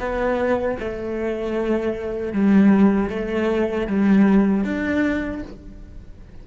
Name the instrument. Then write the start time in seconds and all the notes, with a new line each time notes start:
cello
0.00 B3
0.80 A3
2.33 G3
3.10 A3
3.88 G3
4.65 D4